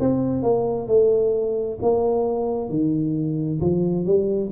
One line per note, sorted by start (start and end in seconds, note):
0.00 0.43 C4
0.43 0.88 A#3
0.88 1.79 A3
1.82 2.69 A#3
2.69 3.60 D#3
3.60 4.05 F3
4.05 4.51 G3